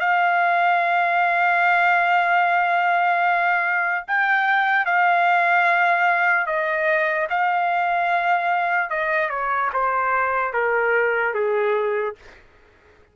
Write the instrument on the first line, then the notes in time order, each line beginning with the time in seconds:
trumpet
0.00 F5
4.08 G5
4.86 F5
6.47 D#5
7.30 F5
8.90 D#5
9.30 C#5
9.73 C5
10.53 A#4
11.34 G#4